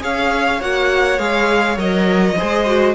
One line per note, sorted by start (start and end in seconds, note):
0.00 0.62 C#4
0.00 0.59 G#4
0.00 2.38 C#5
0.00 0.62 F5
0.60 1.18 A#3
0.60 1.19 F#4
0.60 1.19 F#5
1.18 1.77 G#3
1.18 1.78 G#4
1.18 1.78 F5
1.77 2.36 F#3
1.77 2.37 A#4
1.77 2.95 D#5
2.37 2.95 G#3
2.37 2.66 G#4
2.37 2.95 C5
2.66 2.95 F#4